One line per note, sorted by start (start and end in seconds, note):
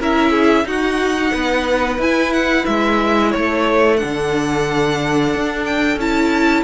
0.00 0.65 C#4
0.00 0.65 E4
0.00 0.31 A#4
0.00 0.68 E5
0.31 0.65 G#4
0.65 1.98 D#4
0.65 1.32 D#4
0.65 1.34 F#4
0.65 2.01 F#5
1.34 1.99 B3
1.34 3.32 B4
1.99 2.65 E4
1.99 3.98 E4
1.99 2.33 G#5
2.33 2.66 F#5
2.66 3.34 G#3
2.66 3.32 E5
3.32 4.02 A3
3.32 6.64 A4
3.32 3.97 C#5
3.97 5.98 D4
3.97 5.64 F#5
4.04 5.35 D3
5.35 5.97 D4
5.66 5.99 G5
5.97 6.64 C#4
5.97 6.64 E4
5.97 6.64 A5